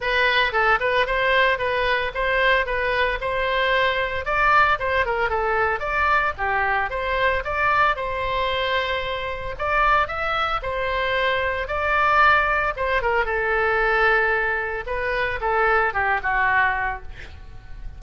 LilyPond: \new Staff \with { instrumentName = "oboe" } { \time 4/4 \tempo 4 = 113 b'4 a'8 b'8 c''4 b'4 | c''4 b'4 c''2 | d''4 c''8 ais'8 a'4 d''4 | g'4 c''4 d''4 c''4~ |
c''2 d''4 e''4 | c''2 d''2 | c''8 ais'8 a'2. | b'4 a'4 g'8 fis'4. | }